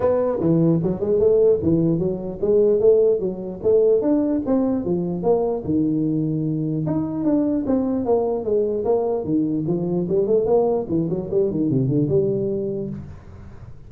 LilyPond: \new Staff \with { instrumentName = "tuba" } { \time 4/4 \tempo 4 = 149 b4 e4 fis8 gis8 a4 | e4 fis4 gis4 a4 | fis4 a4 d'4 c'4 | f4 ais4 dis2~ |
dis4 dis'4 d'4 c'4 | ais4 gis4 ais4 dis4 | f4 g8 a8 ais4 e8 fis8 | g8 dis8 c8 d8 g2 | }